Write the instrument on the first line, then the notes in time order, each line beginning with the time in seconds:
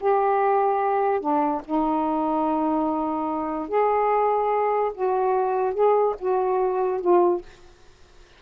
saxophone
0.00 G4
1.21 D4
1.65 D#4
3.69 G#4
4.95 F#4
5.74 G#4
6.20 F#4
7.01 F4